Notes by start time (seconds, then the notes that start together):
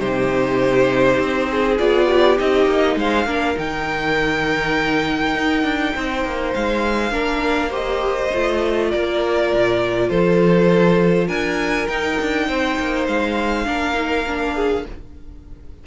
0.00 C3 D#4 G4 C5
1.20 C4
1.51 G#4
1.79 B3 F4 D5
2.07 G4
2.37 C4 D#4 D#5
2.67 A#3
2.96 G#3 C5 F5
3.26 A#3 D4 A#4
3.56 D#3 D#4 G5
5.35 D#4
5.64 D4
5.94 C4 C5
6.25 A#3
6.55 G#3 F5
7.12 A#3 D4 A#4
7.70 G4 C5 D#5
8.35 A3 F4
8.91 A#3 A#4 D5
9.55 A#2
10.10 F3 A4 C5
11.28 D4 A#4 G#5
11.88 D#4 G5
12.22 D4
12.48 C4 C5
12.80 A#3
13.08 G#3 F5
13.66 A#3 D4 A#4
13.94 D#4
14.27 D4
14.55 G#4